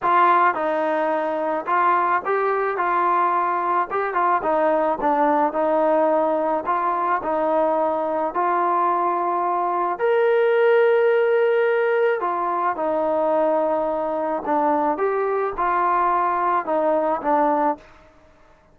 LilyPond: \new Staff \with { instrumentName = "trombone" } { \time 4/4 \tempo 4 = 108 f'4 dis'2 f'4 | g'4 f'2 g'8 f'8 | dis'4 d'4 dis'2 | f'4 dis'2 f'4~ |
f'2 ais'2~ | ais'2 f'4 dis'4~ | dis'2 d'4 g'4 | f'2 dis'4 d'4 | }